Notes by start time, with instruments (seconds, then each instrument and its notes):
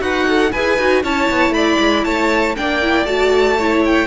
0.00 cello D#4, violin F#4 F#5, viola B4
0.28 viola A4
0.52 cello E4, viola G#4, violin B4 G#5
0.78 cello D#4, viola F#4
1.04 cello C#4, viola E4, violin C#5 A5
1.31 cello B3
1.51 cello A3, violin D5 B5
1.80 cello G#3
2.05 cello A3, violin C#5 A5
2.57 cello A#3, viola D4, violin D5 G5
2.82 viola E4
3.06 cello A3, viola F#4, violin A5
3.58 viola E4, violin C#5
3.85 violin G5